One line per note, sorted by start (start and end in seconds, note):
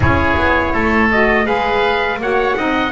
0.00 0.35 C#4
0.00 1.09 E4
0.00 0.73 G#4
0.00 1.10 C#5
0.36 0.73 B3
0.73 1.45 A3
0.73 1.45 A4
1.11 1.44 F#4
1.11 1.46 D#5
1.44 2.18 G#3
1.44 2.17 G#4
1.44 2.18 B4
1.44 2.19 F5
2.18 2.54 A#3
2.18 2.56 F#4
2.18 2.57 C#5
2.18 2.91 F#5
2.56 2.91 C4
2.56 2.91 D#4
2.56 2.91 D#5